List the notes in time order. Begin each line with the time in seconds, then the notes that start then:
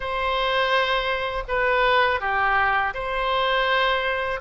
0.00 C5
1.48 B4
2.20 G4
2.94 C5